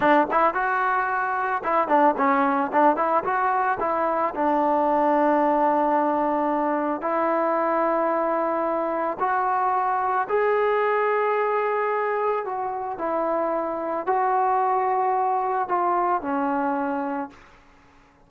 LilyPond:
\new Staff \with { instrumentName = "trombone" } { \time 4/4 \tempo 4 = 111 d'8 e'8 fis'2 e'8 d'8 | cis'4 d'8 e'8 fis'4 e'4 | d'1~ | d'4 e'2.~ |
e'4 fis'2 gis'4~ | gis'2. fis'4 | e'2 fis'2~ | fis'4 f'4 cis'2 | }